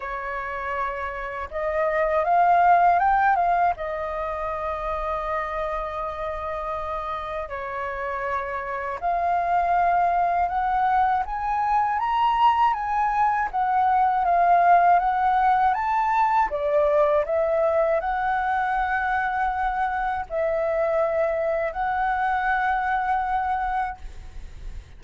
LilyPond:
\new Staff \with { instrumentName = "flute" } { \time 4/4 \tempo 4 = 80 cis''2 dis''4 f''4 | g''8 f''8 dis''2.~ | dis''2 cis''2 | f''2 fis''4 gis''4 |
ais''4 gis''4 fis''4 f''4 | fis''4 a''4 d''4 e''4 | fis''2. e''4~ | e''4 fis''2. | }